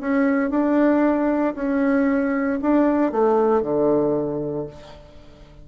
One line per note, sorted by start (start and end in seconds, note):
0.00 0.50 C#4
0.50 1.54 D4
1.55 2.59 C#4
2.62 3.12 D4
3.12 3.62 A3
3.62 4.67 D3